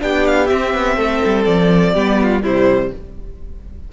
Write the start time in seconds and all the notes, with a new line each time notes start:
0.00 B3 D4 G4 G5
0.27 F5
0.47 C4 E5
0.74 B3
0.96 A3 A4
1.25 G3
1.45 F3 D5
1.94 G3 B3 G4
2.23 F4
2.43 C3 G3 E4 C5